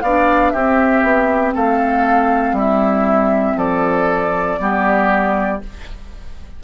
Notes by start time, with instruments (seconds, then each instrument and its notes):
0.00 bassoon B3, clarinet D4, oboe D5, flute F5
0.50 bassoon C4, oboe G4, flute E5
0.56 clarinet C4
1.03 bassoon B3
1.54 bassoon A3, oboe A4, flute F5
2.52 bassoon G3, oboe E4, flute E5
3.55 bassoon F3, oboe A4, flute D5
4.58 bassoon G3, clarinet B3, oboe G4